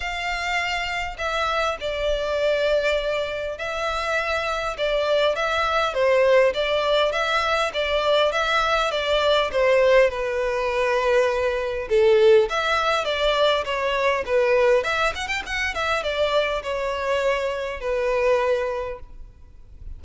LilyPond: \new Staff \with { instrumentName = "violin" } { \time 4/4 \tempo 4 = 101 f''2 e''4 d''4~ | d''2 e''2 | d''4 e''4 c''4 d''4 | e''4 d''4 e''4 d''4 |
c''4 b'2. | a'4 e''4 d''4 cis''4 | b'4 e''8 fis''16 g''16 fis''8 e''8 d''4 | cis''2 b'2 | }